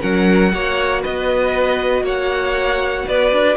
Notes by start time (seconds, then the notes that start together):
0.00 F#3 C#4 A#4 F#5
0.53 A#3 F#4 C#5
1.01 B3 B4 D#5
2.02 A#3 C#5 F#5
3.06 B3 B4 D5
3.32 D4